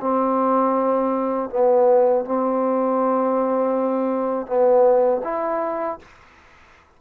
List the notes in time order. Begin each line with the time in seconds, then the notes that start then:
0.00 C4
1.49 B3
2.25 C4
4.46 B3
5.24 E4